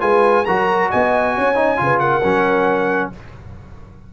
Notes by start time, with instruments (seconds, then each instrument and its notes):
0.00 tuba G#3, trombone F4, horn B4, trumpet G#5
0.45 tuba F#3, trombone F#4, horn A#4, trumpet A#5
0.90 tuba B3, horn D#5, trumpet G#5
1.35 tuba C#4, horn C#5
1.55 trombone D#4
1.77 tuba C#3, trombone F4
1.83 horn B4
1.99 horn A#4, trumpet F#5
2.24 tuba F#3, trombone C#4